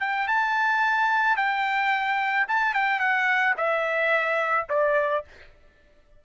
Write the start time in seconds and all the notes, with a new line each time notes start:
0.00 G5
0.28 A5
1.36 G5
2.48 A5
2.74 G5
2.99 F#5
3.57 E5
4.69 D5